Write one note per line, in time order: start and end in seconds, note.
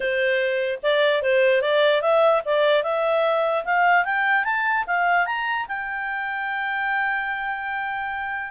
0.00 0.79 C5
0.82 1.22 D5
1.22 1.61 C5
1.61 2.01 D5
2.01 2.42 E5
2.45 2.83 D5
2.83 3.64 E5
3.64 4.04 F5
4.04 4.44 G5
4.44 4.84 A5
4.86 5.26 F5
5.26 5.66 A#5
5.68 8.51 G5